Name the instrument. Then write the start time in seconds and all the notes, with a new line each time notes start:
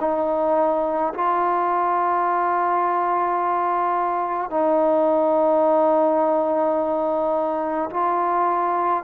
trombone
0.00 D#4
1.14 F4
4.50 D#4
7.90 F4